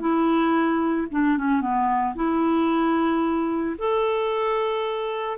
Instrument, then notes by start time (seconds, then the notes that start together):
clarinet
0.00 E4
1.11 D4
1.38 C#4
1.61 B3
2.15 E4
3.78 A4